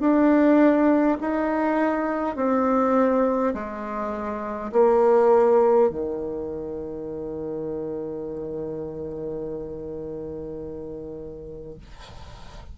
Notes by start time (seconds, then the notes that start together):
0.00 D4
1.21 D#4
2.36 C4
3.54 G#3
4.72 A#3
5.89 D#3